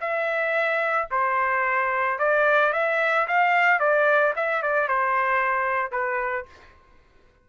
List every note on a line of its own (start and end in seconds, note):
0.00 1.08 E5
1.11 2.18 C5
2.18 2.72 D5
2.73 3.27 E5
3.27 3.79 F5
3.79 4.33 D5
4.36 4.62 E5
4.62 4.88 D5
4.88 5.91 C5
5.91 6.45 B4